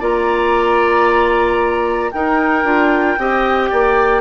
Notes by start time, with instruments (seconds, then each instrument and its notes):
0.00 bassoon A#3, clarinet F4, oboe D5, flute A#5
2.12 clarinet D#4, bassoon D#4, oboe A#4, flute G5
2.64 bassoon D4, clarinet F4
3.18 bassoon C4, clarinet G4, oboe D#5
3.70 bassoon A#3, oboe D5